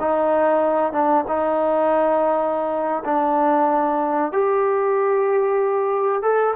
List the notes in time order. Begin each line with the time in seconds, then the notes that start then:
0.00 D#4
0.93 D4
1.28 D#4
3.05 D4
4.32 G4
6.22 A4